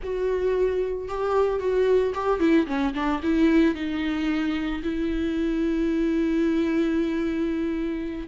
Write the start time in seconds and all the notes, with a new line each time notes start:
0.03 F#4
1.08 G4
1.59 F#4
2.14 G4
2.39 E4
2.66 C#4
2.94 D4
3.22 E4
3.75 D#4
4.83 E4